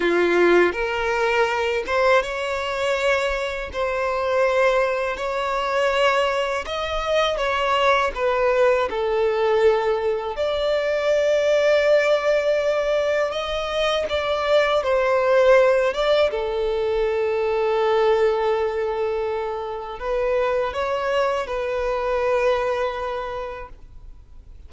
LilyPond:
\new Staff \with { instrumentName = "violin" } { \time 4/4 \tempo 4 = 81 f'4 ais'4. c''8 cis''4~ | cis''4 c''2 cis''4~ | cis''4 dis''4 cis''4 b'4 | a'2 d''2~ |
d''2 dis''4 d''4 | c''4. d''8 a'2~ | a'2. b'4 | cis''4 b'2. | }